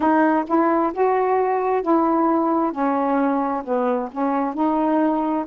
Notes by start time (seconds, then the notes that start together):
0.00 D#4
0.47 E4
0.93 F#4
1.82 E4
2.72 C#4
3.64 B3
4.12 C#4
4.54 D#4